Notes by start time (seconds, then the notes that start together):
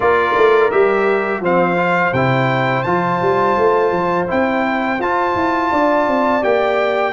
0.00 A#3 F4 A#4 D5
0.36 A3
0.70 G3 G4 E5
1.40 F3 C4 C5 F5
1.76 F4
2.12 C3 E4 G5
2.82 F3 F4 A5
3.21 G3
3.57 A3
3.91 F3
4.27 C4 E4 G5
4.99 F4 A5
5.35 E4
5.71 D4 D5
6.07 C4
6.42 A#3 G4 G5